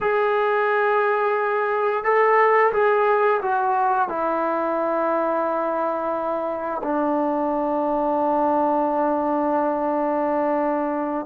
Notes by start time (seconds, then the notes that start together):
0.01 G#4
2.04 A4
2.72 G#4
3.42 F#4
4.08 E4
6.83 D4